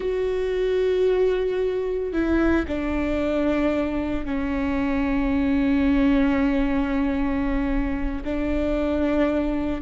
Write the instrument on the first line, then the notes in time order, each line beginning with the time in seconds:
viola
0.00 F#4
2.12 E4
2.67 D4
4.25 C#4
8.24 D4